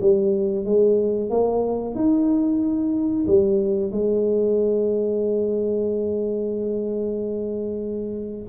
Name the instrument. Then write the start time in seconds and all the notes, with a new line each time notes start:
tuba
0.00 G3
0.65 G#3
1.30 A#3
1.94 D#4
3.26 G3
3.91 G#3